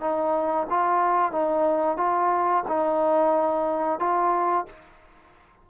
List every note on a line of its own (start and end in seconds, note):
0.00 0.67 D#4
0.70 1.32 F4
1.32 1.97 D#4
1.97 2.64 F4
2.68 3.99 D#4
3.99 4.66 F4